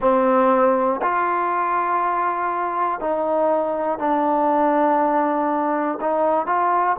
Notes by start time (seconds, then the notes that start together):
0.00 C4
1.01 F4
3.00 D#4
3.99 D4
6.00 D#4
6.46 F4